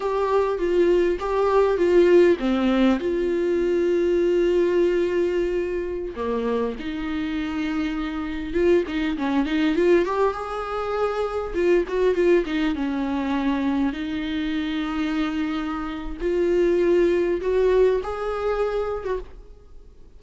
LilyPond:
\new Staff \with { instrumentName = "viola" } { \time 4/4 \tempo 4 = 100 g'4 f'4 g'4 f'4 | c'4 f'2.~ | f'2~ f'16 ais4 dis'8.~ | dis'2~ dis'16 f'8 dis'8 cis'8 dis'16~ |
dis'16 f'8 g'8 gis'2 f'8 fis'16~ | fis'16 f'8 dis'8 cis'2 dis'8.~ | dis'2. f'4~ | f'4 fis'4 gis'4.~ gis'16 fis'16 | }